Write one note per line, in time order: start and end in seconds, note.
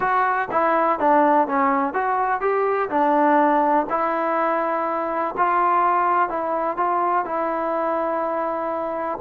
0.00 0.48 F#4
0.51 0.99 E4
0.99 1.47 D4
1.47 1.93 C#4
1.93 2.40 F#4
2.40 2.89 G4
2.89 3.86 D4
3.89 5.34 E4
5.37 6.29 F4
6.29 6.77 E4
6.77 7.25 F4
7.25 9.18 E4